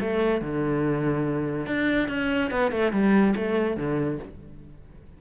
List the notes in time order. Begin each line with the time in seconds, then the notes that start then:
0.00 A3
0.41 D3
1.66 D4
2.08 C#4
2.51 B3
2.71 A3
2.92 G3
3.36 A3
3.77 D3